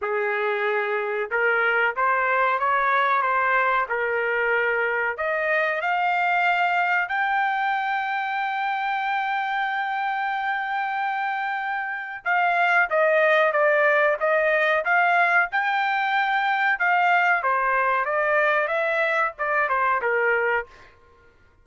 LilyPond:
\new Staff \with { instrumentName = "trumpet" } { \time 4/4 \tempo 4 = 93 gis'2 ais'4 c''4 | cis''4 c''4 ais'2 | dis''4 f''2 g''4~ | g''1~ |
g''2. f''4 | dis''4 d''4 dis''4 f''4 | g''2 f''4 c''4 | d''4 e''4 d''8 c''8 ais'4 | }